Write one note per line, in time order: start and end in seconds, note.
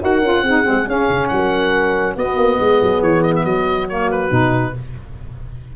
0.00 0.21 D#4
0.00 0.21 F#4
0.00 0.43 A#4
0.00 0.89 F#5
0.21 0.42 C#4
0.21 0.44 F4
0.42 0.64 C4
0.42 0.64 D#4
0.42 1.29 G#4
0.64 0.87 G#3
0.64 0.85 C4
0.87 1.08 C#4
0.87 2.16 C#4
0.87 1.28 F5
1.09 1.30 C#3
1.28 2.16 F#3
1.28 2.13 F#5
1.35 2.16 A#4
2.16 2.37 B3
2.16 3.89 B3
2.16 2.58 F#4
2.16 3.02 D#5
2.37 2.58 A#3
2.58 2.81 G#3
2.58 3.44 G#4
2.82 3.02 F#3
3.02 3.44 E3
3.02 3.23 C#5
3.23 3.33 D#5
3.36 3.44 E5
3.44 4.30 F#3
3.44 4.73 F#4
3.44 3.87 D#5
3.89 4.30 A#3
3.89 4.10 C#5
4.11 4.75 B4
4.30 4.74 B2
4.30 4.73 D#4